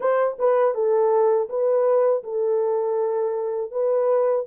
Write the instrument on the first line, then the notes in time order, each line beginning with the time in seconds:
horn
0.00 C5
0.38 B4
0.74 A4
1.49 B4
2.23 A4
3.71 B4